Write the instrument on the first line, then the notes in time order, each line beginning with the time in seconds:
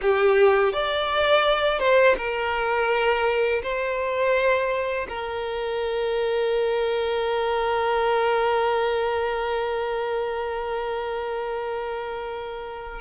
violin
0.01 G4
0.72 D5
1.79 C5
2.17 A#4
3.62 C5
5.08 A#4